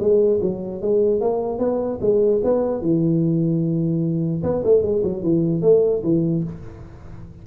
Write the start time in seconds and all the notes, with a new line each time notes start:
0.00 G#3
0.42 F#3
0.82 G#3
1.21 A#3
1.59 B3
2.01 G#3
2.44 B3
2.82 E3
4.43 B3
4.65 A3
4.83 G#3
5.04 F#3
5.23 E3
5.62 A3
6.03 E3